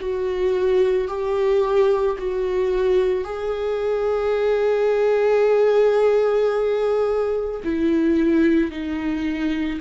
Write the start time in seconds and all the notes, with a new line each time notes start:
0.00 F#4
1.08 G4
2.19 F#4
3.24 G#4
7.65 E4
8.71 D#4